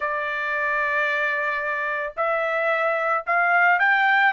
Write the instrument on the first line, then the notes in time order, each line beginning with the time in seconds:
trumpet
0.00 D5
2.16 E5
3.26 F5
3.79 G5